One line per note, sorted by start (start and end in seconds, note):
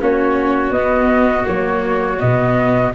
0.00 0.70 A#3
0.00 0.73 C#4
0.00 2.95 F#4
0.00 0.72 C#5
0.70 1.44 B3
0.70 1.46 D#5
0.77 1.46 B3
1.46 2.21 F#3
1.46 2.19 A#3
1.46 2.20 C#5
2.20 2.95 B2
2.20 2.93 B3
2.20 2.93 D#5